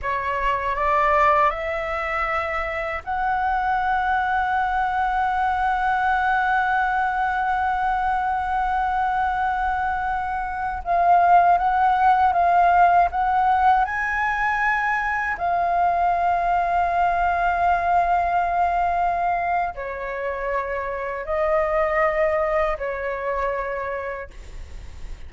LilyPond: \new Staff \with { instrumentName = "flute" } { \time 4/4 \tempo 4 = 79 cis''4 d''4 e''2 | fis''1~ | fis''1~ | fis''2~ fis''16 f''4 fis''8.~ |
fis''16 f''4 fis''4 gis''4.~ gis''16~ | gis''16 f''2.~ f''8.~ | f''2 cis''2 | dis''2 cis''2 | }